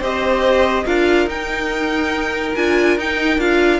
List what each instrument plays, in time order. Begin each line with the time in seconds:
0.00 cello C4, viola G4, violin C5 D#5
0.85 cello D4, viola F4, violin A#4 F5
1.26 cello D#4, viola D#4, violin G5
2.55 cello D4, viola F4, violin G#5
2.97 cello D#4, viola D#4, violin G5
3.38 cello D4, viola F4, violin F5